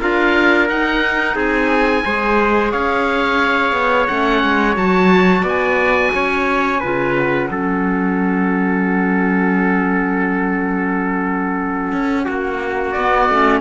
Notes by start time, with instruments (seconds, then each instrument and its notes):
0.00 cello D4, clarinet F4, trumpet A#4, oboe F5
0.68 clarinet D#4, cello D#4, oboe F#5
1.35 cello C4, trumpet G#4, oboe G#5
2.05 cello G#3, clarinet G#4, trumpet C5
2.72 cello C#4, trumpet C#5, oboe F5
3.72 cello B3
4.07 cello A3, clarinet C#4, oboe F#5
4.43 cello G#3
4.73 cello F#3, clarinet F#4, oboe A5
5.43 cello B3, trumpet D5, oboe G#5
6.14 cello C#4, trumpet C#5
6.80 cello C#3, clarinet F4, trumpet B4
7.18 oboe F#5
7.50 cello F#3, clarinet C#4, trumpet A4
11.92 cello C#4
12.25 cello A#3, trumpet F#4
12.91 cello B3, oboe D5
12.98 clarinet B3
13.29 cello A3, clarinet C#4